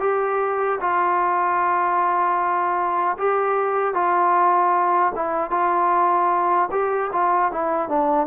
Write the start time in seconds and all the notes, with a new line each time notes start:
0.00 G4
0.80 F4
3.18 G4
3.94 F4
5.15 E4
5.50 F4
6.71 G4
7.12 F4
7.51 E4
7.88 D4